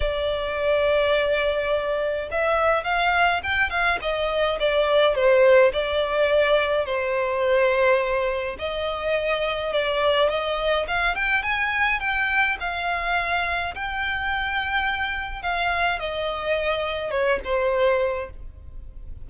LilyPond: \new Staff \with { instrumentName = "violin" } { \time 4/4 \tempo 4 = 105 d''1 | e''4 f''4 g''8 f''8 dis''4 | d''4 c''4 d''2 | c''2. dis''4~ |
dis''4 d''4 dis''4 f''8 g''8 | gis''4 g''4 f''2 | g''2. f''4 | dis''2 cis''8 c''4. | }